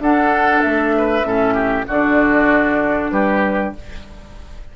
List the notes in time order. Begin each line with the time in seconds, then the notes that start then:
0.00 D4 A4 F#5
0.62 A3 E5
0.98 B4
1.24 A2 C#4 A4
1.54 G4
1.88 D3 D4 F#4 D5
3.11 G3 G4 B4